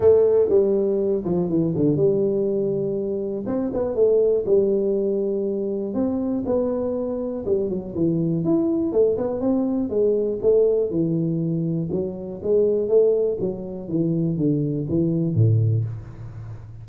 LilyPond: \new Staff \with { instrumentName = "tuba" } { \time 4/4 \tempo 4 = 121 a4 g4. f8 e8 d8 | g2. c'8 b8 | a4 g2. | c'4 b2 g8 fis8 |
e4 e'4 a8 b8 c'4 | gis4 a4 e2 | fis4 gis4 a4 fis4 | e4 d4 e4 a,4 | }